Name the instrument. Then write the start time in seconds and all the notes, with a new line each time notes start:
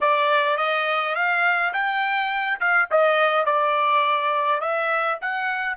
trumpet
0.00 D5
0.57 D#5
1.15 F5
1.73 G5
2.60 F5
2.91 D#5
3.45 D5
4.60 E5
5.21 F#5